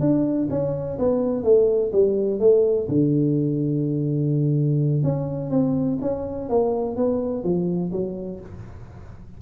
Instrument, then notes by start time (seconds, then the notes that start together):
tuba
0.00 D4
0.50 C#4
0.98 B3
1.43 A3
1.92 G3
2.39 A3
2.88 D3
5.03 C#4
5.50 C4
6.01 C#4
6.49 A#3
6.96 B3
7.43 F3
7.92 F#3